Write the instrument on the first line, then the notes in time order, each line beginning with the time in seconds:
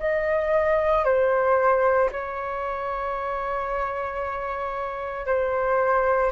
flute
0.00 D#5
1.05 C5
2.12 C#5
5.26 C5